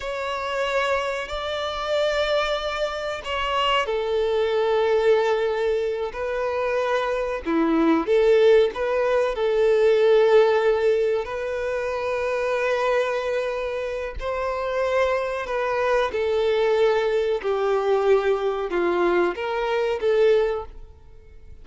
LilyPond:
\new Staff \with { instrumentName = "violin" } { \time 4/4 \tempo 4 = 93 cis''2 d''2~ | d''4 cis''4 a'2~ | a'4. b'2 e'8~ | e'8 a'4 b'4 a'4.~ |
a'4. b'2~ b'8~ | b'2 c''2 | b'4 a'2 g'4~ | g'4 f'4 ais'4 a'4 | }